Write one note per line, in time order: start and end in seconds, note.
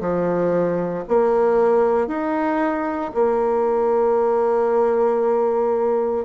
0.00 1.03 F3
1.08 2.07 A#3
2.07 3.11 D#4
3.15 6.24 A#3